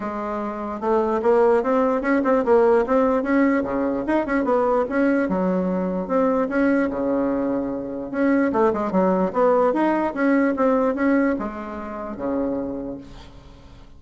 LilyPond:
\new Staff \with { instrumentName = "bassoon" } { \time 4/4 \tempo 4 = 148 gis2 a4 ais4 | c'4 cis'8 c'8 ais4 c'4 | cis'4 cis4 dis'8 cis'8 b4 | cis'4 fis2 c'4 |
cis'4 cis2. | cis'4 a8 gis8 fis4 b4 | dis'4 cis'4 c'4 cis'4 | gis2 cis2 | }